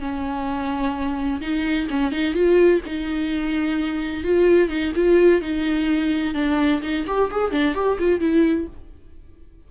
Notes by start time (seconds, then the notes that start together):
0.00 C#4
1.41 D#4
1.90 C#4
2.12 D#4
2.34 F4
2.86 D#4
4.24 F4
4.69 D#4
4.96 F4
5.42 D#4
6.35 D4
6.82 D#4
7.07 G4
7.31 G#4
7.51 D4
7.75 G4
7.99 F4
8.20 E4